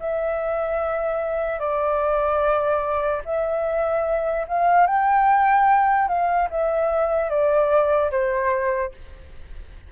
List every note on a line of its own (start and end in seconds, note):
0.00 1.60 E5
1.60 3.22 D5
3.25 4.47 E5
4.48 4.87 F5
4.87 6.08 G5
6.08 6.49 F5
6.50 7.30 E5
7.30 8.11 D5
8.11 8.92 C5